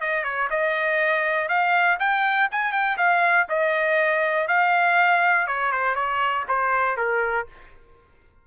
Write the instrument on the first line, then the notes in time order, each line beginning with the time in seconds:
trumpet
0.00 D#5
0.23 C#5
0.50 D#5
1.48 F5
1.99 G5
2.51 G#5
2.72 G5
2.97 F5
3.48 D#5
4.47 F5
5.47 C#5
5.71 C5
5.95 C#5
6.48 C5
6.97 A#4